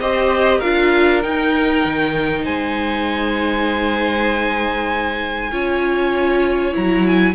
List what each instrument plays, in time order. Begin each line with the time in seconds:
0.00 cello C4, viola G4, violin C5 D#5
0.58 cello D4, viola F4, violin A#4 F5
1.22 viola D#4, cello D#4, violin G5
1.85 cello D#3
2.44 cello G#3, violin C5 G#5
5.51 cello C#4, viola F4, violin C#5
6.73 cello F#3, viola E4, violin A#5
7.07 violin G#5